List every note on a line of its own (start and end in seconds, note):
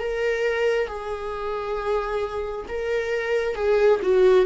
0.00 0.88 A#4
0.88 2.67 G#4
2.69 3.56 A#4
3.56 4.01 G#4
4.03 4.46 F#4